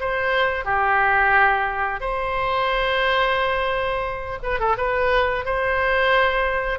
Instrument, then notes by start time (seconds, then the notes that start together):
oboe
0.00 C5
0.65 G4
2.01 C5
4.43 B4
4.60 A4
4.78 B4
5.45 C5